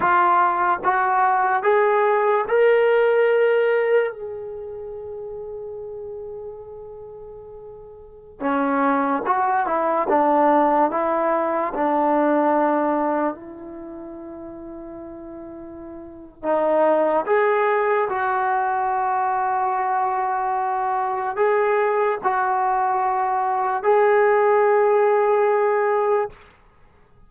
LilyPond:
\new Staff \with { instrumentName = "trombone" } { \time 4/4 \tempo 4 = 73 f'4 fis'4 gis'4 ais'4~ | ais'4 gis'2.~ | gis'2~ gis'16 cis'4 fis'8 e'16~ | e'16 d'4 e'4 d'4.~ d'16~ |
d'16 e'2.~ e'8. | dis'4 gis'4 fis'2~ | fis'2 gis'4 fis'4~ | fis'4 gis'2. | }